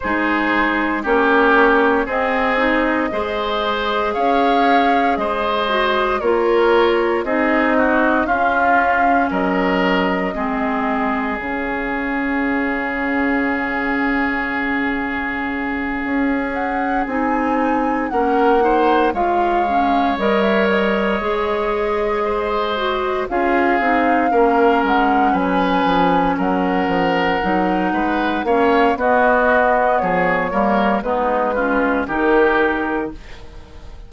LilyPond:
<<
  \new Staff \with { instrumentName = "flute" } { \time 4/4 \tempo 4 = 58 c''4 cis''4 dis''2 | f''4 dis''4 cis''4 dis''4 | f''4 dis''2 f''4~ | f''1 |
fis''8 gis''4 fis''4 f''4 dis''16 e''16 | dis''2~ dis''8 f''4. | fis''8 gis''4 fis''2 f''8 | dis''4 cis''4 b'4 ais'4 | }
  \new Staff \with { instrumentName = "oboe" } { \time 4/4 gis'4 g'4 gis'4 c''4 | cis''4 c''4 ais'4 gis'8 fis'8 | f'4 ais'4 gis'2~ | gis'1~ |
gis'4. ais'8 c''8 cis''4.~ | cis''4. c''4 gis'4 ais'8~ | ais'8 b'4 ais'4. b'8 cis''8 | fis'4 gis'8 ais'8 dis'8 f'8 g'4 | }
  \new Staff \with { instrumentName = "clarinet" } { \time 4/4 dis'4 cis'4 c'8 dis'8 gis'4~ | gis'4. fis'8 f'4 dis'4 | cis'2 c'4 cis'4~ | cis'1~ |
cis'8 dis'4 cis'8 dis'8 f'8 cis'8 ais'8~ | ais'8 gis'4. fis'8 f'8 dis'8 cis'8~ | cis'2~ cis'8 dis'4 cis'8 | b4. ais8 b8 cis'8 dis'4 | }
  \new Staff \with { instrumentName = "bassoon" } { \time 4/4 gis4 ais4 c'4 gis4 | cis'4 gis4 ais4 c'4 | cis'4 fis4 gis4 cis4~ | cis2.~ cis8 cis'8~ |
cis'8 c'4 ais4 gis4 g8~ | g8 gis2 cis'8 c'8 ais8 | gis8 fis8 f8 fis8 f8 fis8 gis8 ais8 | b4 f8 g8 gis4 dis4 | }
>>